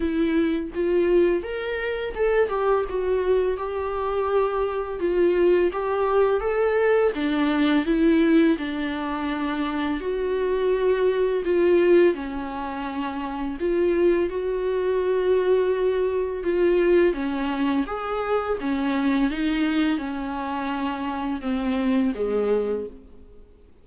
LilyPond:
\new Staff \with { instrumentName = "viola" } { \time 4/4 \tempo 4 = 84 e'4 f'4 ais'4 a'8 g'8 | fis'4 g'2 f'4 | g'4 a'4 d'4 e'4 | d'2 fis'2 |
f'4 cis'2 f'4 | fis'2. f'4 | cis'4 gis'4 cis'4 dis'4 | cis'2 c'4 gis4 | }